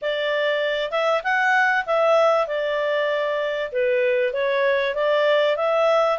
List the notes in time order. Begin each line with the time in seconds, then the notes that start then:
0.01 D5
0.91 E5
1.23 F#5
1.86 E5
2.47 D5
3.72 B4
4.33 C#5
4.95 D5
5.56 E5